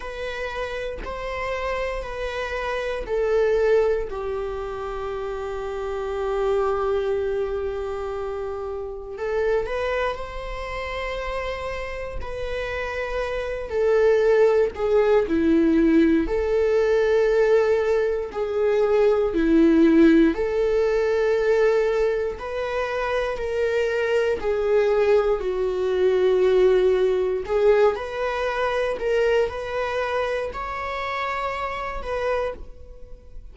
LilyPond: \new Staff \with { instrumentName = "viola" } { \time 4/4 \tempo 4 = 59 b'4 c''4 b'4 a'4 | g'1~ | g'4 a'8 b'8 c''2 | b'4. a'4 gis'8 e'4 |
a'2 gis'4 e'4 | a'2 b'4 ais'4 | gis'4 fis'2 gis'8 b'8~ | b'8 ais'8 b'4 cis''4. b'8 | }